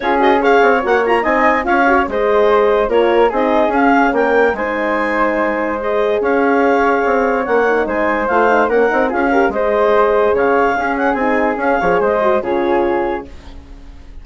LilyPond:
<<
  \new Staff \with { instrumentName = "clarinet" } { \time 4/4 \tempo 4 = 145 cis''8 dis''8 f''4 fis''8 ais''8 gis''4 | f''4 dis''2 cis''4 | dis''4 f''4 g''4 gis''4~ | gis''2 dis''4 f''4~ |
f''2 fis''4 gis''4 | f''4 fis''4 f''4 dis''4~ | dis''4 f''4. fis''8 gis''4 | f''4 dis''4 cis''2 | }
  \new Staff \with { instrumentName = "flute" } { \time 4/4 gis'4 cis''2 dis''4 | cis''4 c''2 ais'4 | gis'2 ais'4 c''4~ | c''2. cis''4~ |
cis''2. c''4~ | c''4 ais'4 gis'8 ais'8 c''4~ | c''4 cis''4 gis'2~ | gis'8 cis''8 c''4 gis'2 | }
  \new Staff \with { instrumentName = "horn" } { \time 4/4 f'8 fis'8 gis'4 fis'8 f'8 dis'4 | f'8 fis'8 gis'2 f'4 | dis'4 cis'2 dis'4~ | dis'2 gis'2~ |
gis'2 cis'8 dis'4. | f'8 dis'8 cis'8 dis'8 f'8 g'8 gis'4~ | gis'2 cis'4 dis'4 | cis'8 gis'4 fis'8 f'2 | }
  \new Staff \with { instrumentName = "bassoon" } { \time 4/4 cis'4. c'8 ais4 c'4 | cis'4 gis2 ais4 | c'4 cis'4 ais4 gis4~ | gis2. cis'4~ |
cis'4 c'4 ais4 gis4 | a4 ais8 c'8 cis'4 gis4~ | gis4 cis4 cis'4 c'4 | cis'8 f8 gis4 cis2 | }
>>